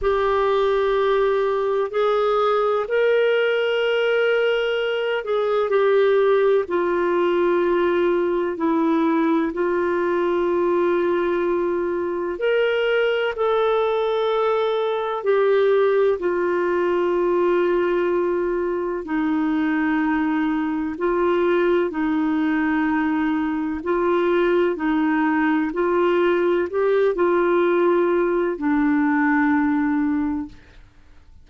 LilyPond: \new Staff \with { instrumentName = "clarinet" } { \time 4/4 \tempo 4 = 63 g'2 gis'4 ais'4~ | ais'4. gis'8 g'4 f'4~ | f'4 e'4 f'2~ | f'4 ais'4 a'2 |
g'4 f'2. | dis'2 f'4 dis'4~ | dis'4 f'4 dis'4 f'4 | g'8 f'4. d'2 | }